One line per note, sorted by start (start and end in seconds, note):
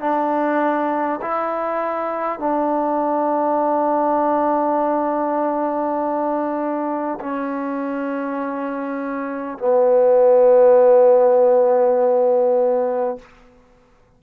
0.00 1.20 D4
1.21 2.39 E4
2.39 7.19 D4
7.20 9.58 C#4
9.58 13.18 B3